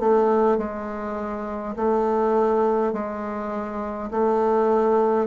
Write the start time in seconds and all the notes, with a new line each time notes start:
0.00 A3
0.58 G#3
1.76 A3
2.94 G#3
4.12 A3